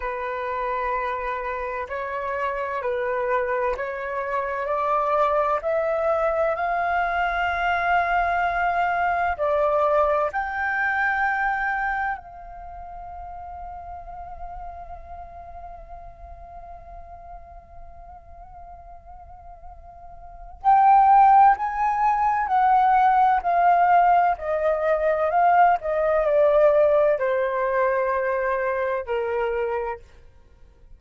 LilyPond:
\new Staff \with { instrumentName = "flute" } { \time 4/4 \tempo 4 = 64 b'2 cis''4 b'4 | cis''4 d''4 e''4 f''4~ | f''2 d''4 g''4~ | g''4 f''2.~ |
f''1~ | f''2 g''4 gis''4 | fis''4 f''4 dis''4 f''8 dis''8 | d''4 c''2 ais'4 | }